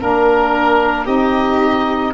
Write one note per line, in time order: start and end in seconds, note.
0.00 1.06 A#3
0.00 1.07 D4
0.00 1.05 A#4
0.00 1.07 A#4
1.05 2.14 C4
1.05 2.14 D#4
1.05 2.12 G4
1.05 2.14 D#5